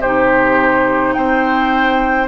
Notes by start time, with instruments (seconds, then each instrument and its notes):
0.00 bassoon C3, clarinet D#4, oboe G4, flute C5
1.13 bassoon C4, oboe C5, flute G5